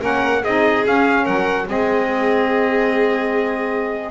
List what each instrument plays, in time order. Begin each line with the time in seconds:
0.00 double bass A#3, saxophone C#4, violin A#4, trumpet F#5
0.42 double bass C4, saxophone D#4, violin G#4, trumpet D#5
0.84 saxophone C#4, double bass C#4, trumpet F5
1.23 double bass F#3, violin A#4, trumpet F#5
1.66 double bass G#3, saxophone C4, violin G#4, trumpet D#5